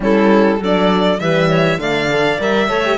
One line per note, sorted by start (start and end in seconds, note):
0.00 0.59 G3
0.00 0.59 C#4
0.00 0.59 E4
0.00 0.63 A4
0.59 1.19 F#3
0.59 1.19 D4
0.59 1.19 A4
0.59 1.19 D5
1.19 1.78 E3
1.19 1.79 G3
1.19 1.49 B4
1.19 1.79 E5
1.49 1.79 C#5
1.78 2.38 D3
1.78 2.09 A3
1.78 2.69 D5
1.78 2.39 F5
2.10 2.39 A4
2.39 2.68 G3
2.39 2.68 A#4
2.39 2.97 E5
2.68 2.97 A3
2.68 2.83 A4
2.68 2.97 C#5
2.84 2.97 G4